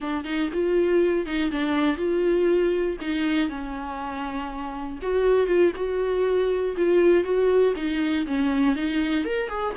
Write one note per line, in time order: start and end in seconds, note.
0.00 0.24 D4
0.24 0.49 D#4
0.53 1.25 F4
1.25 1.50 D#4
1.51 1.97 D4
1.97 2.97 F4
3.00 3.49 D#4
3.49 4.99 C#4
5.02 5.46 F#4
5.46 5.71 F4
5.75 6.75 F#4
6.76 7.24 F4
7.24 7.74 F#4
7.75 8.25 D#4
8.26 8.75 C#4
8.75 9.25 D#4
9.25 9.48 A#4
9.48 9.73 G#4